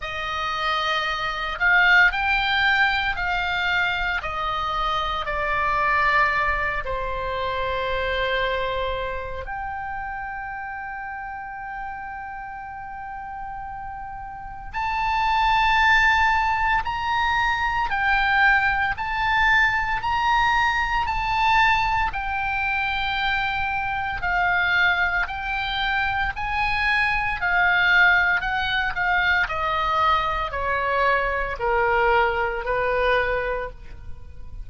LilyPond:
\new Staff \with { instrumentName = "oboe" } { \time 4/4 \tempo 4 = 57 dis''4. f''8 g''4 f''4 | dis''4 d''4. c''4.~ | c''4 g''2.~ | g''2 a''2 |
ais''4 g''4 a''4 ais''4 | a''4 g''2 f''4 | g''4 gis''4 f''4 fis''8 f''8 | dis''4 cis''4 ais'4 b'4 | }